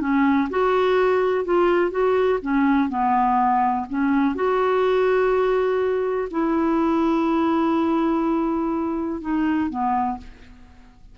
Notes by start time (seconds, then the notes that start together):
0.00 C#4
0.49 F#4
1.44 F4
1.90 F#4
2.41 C#4
2.89 B3
3.89 C#4
4.35 F#4
6.31 E4
9.21 D#4
9.69 B3